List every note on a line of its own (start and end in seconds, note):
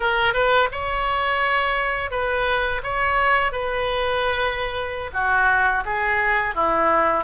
0.00 0.33 A#4
0.33 0.68 B4
0.71 2.10 C#5
2.10 2.81 B4
2.83 3.51 C#5
3.51 5.10 B4
5.13 5.84 F#4
5.85 6.55 G#4
6.55 7.24 E4